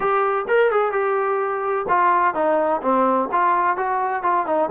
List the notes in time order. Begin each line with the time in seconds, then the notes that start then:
0.00 G4
0.48 A#4
0.71 G#4
0.92 G4
1.88 F4
2.34 D#4
2.82 C4
3.32 F4
3.76 F#4
4.23 F4
4.46 D#4